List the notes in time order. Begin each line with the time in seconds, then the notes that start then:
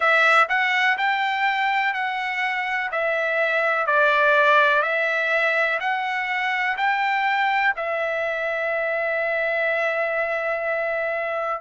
0.00 E5
0.48 F#5
0.97 G5
1.93 F#5
2.91 E5
3.86 D5
4.82 E5
5.79 F#5
6.77 G5
7.76 E5